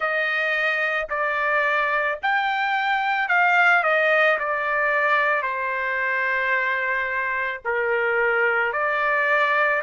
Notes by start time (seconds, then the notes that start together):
0.00 D#5
1.09 D5
2.22 G5
3.28 F5
3.83 D#5
4.39 D5
5.42 C5
7.65 A#4
8.73 D5